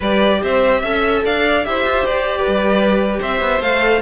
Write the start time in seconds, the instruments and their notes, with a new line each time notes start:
0.00 cello G3, viola G4, violin B4 D5
0.43 cello C4, violin C5 E5
0.80 cello C#4, viola A4, violin E5
1.25 cello D4, violin D5 F5
1.64 cello E4, viola G4, violin C5 E5
1.85 cello F4
2.06 cello G4, violin D5
2.38 violin B4
2.47 cello G3
3.19 cello C4, violin C5 E5
3.40 cello B3
3.60 cello A3, viola A4, violin F5